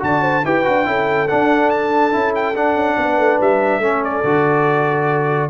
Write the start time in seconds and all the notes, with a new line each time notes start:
0.00 D3 F#4 D5 A5
0.22 C5
0.45 E4 G4 B4 G5
0.65 D4 F#4
0.85 C#4 E4 A4
1.28 D4 F#5
1.70 A5
2.13 C#4 E4
2.36 G5
2.55 D4 F#5
2.76 C#4
2.97 B3 B4
3.18 A3
3.41 G3 E5
3.79 A3 C#4 A4
4.05 D5
4.24 D3 F#4